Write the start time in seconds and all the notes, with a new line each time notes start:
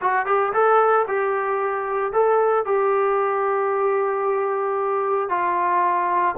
0.01 F#4
0.26 G4
0.53 A4
1.07 G4
2.12 A4
2.65 G4
5.29 F4